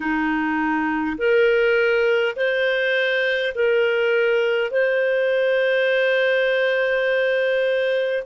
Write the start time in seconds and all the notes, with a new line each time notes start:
0.00 D#4
1.18 A#4
2.35 C5
3.55 A#4
4.71 C5